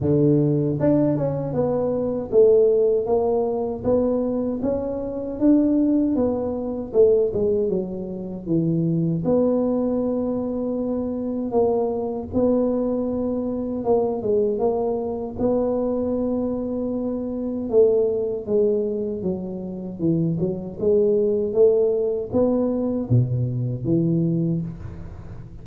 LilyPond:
\new Staff \with { instrumentName = "tuba" } { \time 4/4 \tempo 4 = 78 d4 d'8 cis'8 b4 a4 | ais4 b4 cis'4 d'4 | b4 a8 gis8 fis4 e4 | b2. ais4 |
b2 ais8 gis8 ais4 | b2. a4 | gis4 fis4 e8 fis8 gis4 | a4 b4 b,4 e4 | }